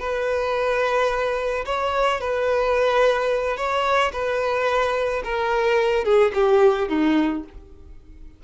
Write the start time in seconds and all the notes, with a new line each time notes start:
0.00 B4
1.66 C#5
2.21 B4
3.57 C#5
4.13 B4
5.24 A#4
6.05 G#4
6.34 G4
6.89 D#4